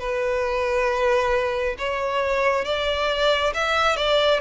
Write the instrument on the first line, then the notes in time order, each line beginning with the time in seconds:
violin
0.00 B4
1.79 C#5
2.66 D5
3.54 E5
3.97 D5